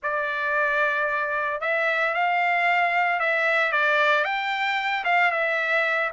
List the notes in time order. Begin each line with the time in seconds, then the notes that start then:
0.02 D5
1.60 E5
2.14 F5
3.19 E5
3.72 D5
4.24 G5
5.04 F5
5.31 E5